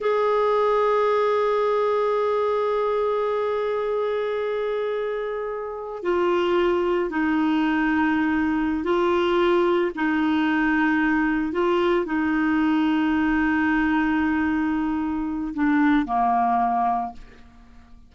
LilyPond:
\new Staff \with { instrumentName = "clarinet" } { \time 4/4 \tempo 4 = 112 gis'1~ | gis'1~ | gis'2.~ gis'16 f'8.~ | f'4~ f'16 dis'2~ dis'8.~ |
dis'8 f'2 dis'4.~ | dis'4. f'4 dis'4.~ | dis'1~ | dis'4 d'4 ais2 | }